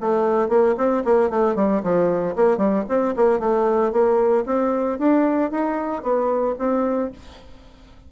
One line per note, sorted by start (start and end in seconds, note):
0.00 0.48 A3
0.48 0.75 A#3
0.77 1.03 C4
1.05 1.30 A#3
1.30 1.55 A3
1.55 1.82 G3
1.83 2.35 F3
2.36 2.57 A#3
2.57 2.83 G3
2.88 3.15 C4
3.16 3.39 A#3
3.39 3.92 A3
3.92 4.44 A#3
4.46 4.98 C4
4.98 5.50 D4
5.50 6.02 D#4
6.02 6.55 B3
6.58 7.11 C4